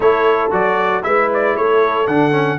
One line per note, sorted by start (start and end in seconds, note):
0.00 0.51 A3
0.00 0.50 E4
0.00 1.05 A4
0.00 0.51 C#5
0.50 1.03 F#3
0.50 1.02 F#4
0.50 1.03 D5
1.02 1.56 G#3
1.02 2.07 E4
1.02 1.57 B4
1.02 1.29 E5
1.33 1.56 D5
1.56 2.07 A3
1.56 2.58 A4
1.56 2.07 C#5
2.07 2.58 D3
2.07 2.31 D4
2.07 2.58 F#5
2.31 2.57 C#4